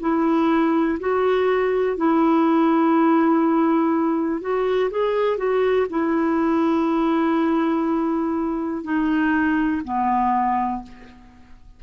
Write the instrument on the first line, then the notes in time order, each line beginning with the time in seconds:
clarinet
0.00 E4
1.00 F#4
1.97 E4
4.41 F#4
4.90 G#4
5.37 F#4
5.89 E4
8.83 D#4
9.84 B3